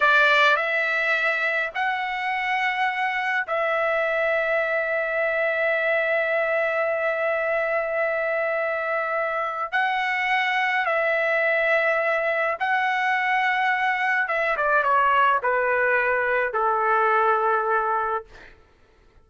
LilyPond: \new Staff \with { instrumentName = "trumpet" } { \time 4/4 \tempo 4 = 105 d''4 e''2 fis''4~ | fis''2 e''2~ | e''1~ | e''1~ |
e''4 fis''2 e''4~ | e''2 fis''2~ | fis''4 e''8 d''8 cis''4 b'4~ | b'4 a'2. | }